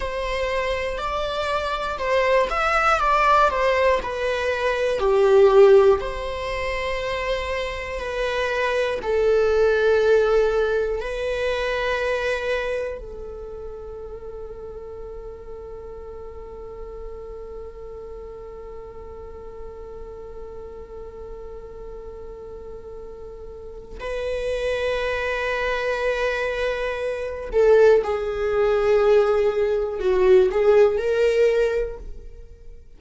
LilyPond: \new Staff \with { instrumentName = "viola" } { \time 4/4 \tempo 4 = 60 c''4 d''4 c''8 e''8 d''8 c''8 | b'4 g'4 c''2 | b'4 a'2 b'4~ | b'4 a'2.~ |
a'1~ | a'1 | b'2.~ b'8 a'8 | gis'2 fis'8 gis'8 ais'4 | }